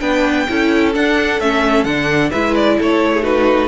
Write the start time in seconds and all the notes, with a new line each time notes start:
0.00 B3 D4 B4 G5
0.48 C#4 E4 A4
0.94 D4 F#5
1.40 A3 C#4 E5
1.84 D3 D4 F#5
2.30 G#3 E4 B4 E5
2.55 D5
2.78 A3 A4 C#5
3.13 G#4
3.22 D#4 F#4 B4